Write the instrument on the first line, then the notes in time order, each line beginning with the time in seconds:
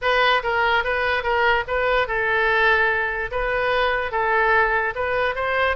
oboe
0.01 B4
0.43 A#4
0.83 B4
1.23 A#4
1.67 B4
2.07 A4
3.31 B4
4.11 A4
4.95 B4
5.35 C5